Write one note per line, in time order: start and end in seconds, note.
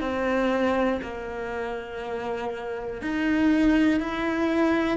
0.00 1.00 C4
1.02 3.01 A#3
3.01 4.00 D#4
4.00 4.97 E4